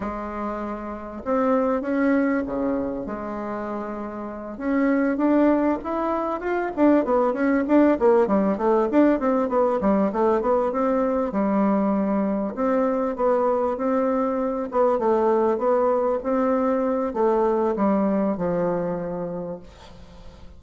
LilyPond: \new Staff \with { instrumentName = "bassoon" } { \time 4/4 \tempo 4 = 98 gis2 c'4 cis'4 | cis4 gis2~ gis8 cis'8~ | cis'8 d'4 e'4 f'8 d'8 b8 | cis'8 d'8 ais8 g8 a8 d'8 c'8 b8 |
g8 a8 b8 c'4 g4.~ | g8 c'4 b4 c'4. | b8 a4 b4 c'4. | a4 g4 f2 | }